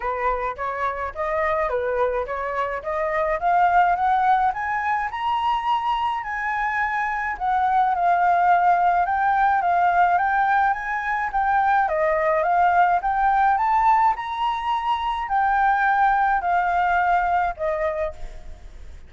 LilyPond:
\new Staff \with { instrumentName = "flute" } { \time 4/4 \tempo 4 = 106 b'4 cis''4 dis''4 b'4 | cis''4 dis''4 f''4 fis''4 | gis''4 ais''2 gis''4~ | gis''4 fis''4 f''2 |
g''4 f''4 g''4 gis''4 | g''4 dis''4 f''4 g''4 | a''4 ais''2 g''4~ | g''4 f''2 dis''4 | }